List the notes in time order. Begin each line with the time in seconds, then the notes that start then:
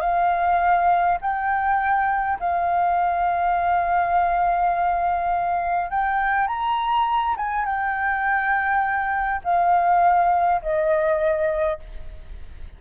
0.00 F5
1.21 G5
2.39 F5
5.90 G5
6.47 A#5
7.37 G#5
7.65 G5
9.44 F5
10.61 D#5